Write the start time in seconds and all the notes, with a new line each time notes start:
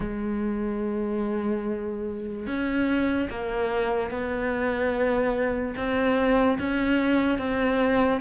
0.00 G#3
2.46 C#4
3.30 A#3
4.10 B3
5.76 C4
6.59 C#4
7.38 C4